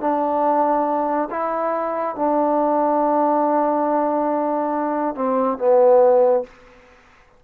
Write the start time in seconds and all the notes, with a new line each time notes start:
0.00 D4
1.30 E4
2.15 D4
5.15 C4
5.58 B3